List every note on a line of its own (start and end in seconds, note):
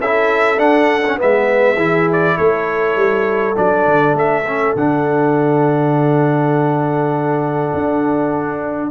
0.00 0.58 C#4
0.00 0.57 E4
0.00 1.19 A4
0.00 0.59 E5
0.57 1.02 D4
0.57 1.18 D4
0.57 1.18 F#5
1.07 1.17 C#4
1.17 1.76 G#3
1.17 1.76 B3
1.17 1.76 B4
1.17 2.11 E5
1.76 2.35 E3
1.76 3.55 E4
1.76 2.35 G#4
2.12 2.37 D5
2.37 2.96 A3
2.37 8.91 A4
2.37 3.56 C#5
2.96 3.55 G3
3.55 3.86 F#3
3.55 4.44 D4
3.55 4.16 D5
3.86 4.14 D3
4.14 4.73 A3
4.14 4.76 E5
4.47 4.77 C#4
4.75 7.72 D3
4.75 8.91 D4
4.75 8.91 F#5
7.74 8.91 D4